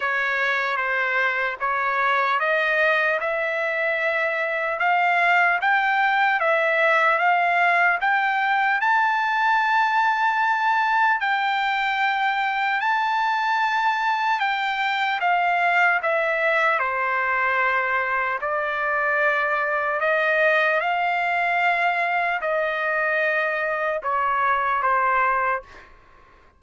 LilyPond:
\new Staff \with { instrumentName = "trumpet" } { \time 4/4 \tempo 4 = 75 cis''4 c''4 cis''4 dis''4 | e''2 f''4 g''4 | e''4 f''4 g''4 a''4~ | a''2 g''2 |
a''2 g''4 f''4 | e''4 c''2 d''4~ | d''4 dis''4 f''2 | dis''2 cis''4 c''4 | }